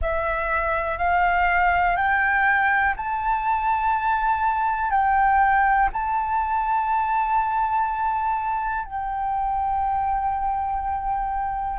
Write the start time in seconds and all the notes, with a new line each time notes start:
0.01 E5
0.97 F5
1.96 G5
2.96 A5
4.90 G5
5.92 A5
8.84 G5